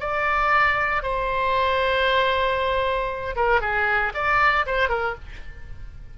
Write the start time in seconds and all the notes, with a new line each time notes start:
0.00 D5
1.03 C5
3.36 A#4
3.61 G#4
4.14 D5
4.66 C5
4.89 A#4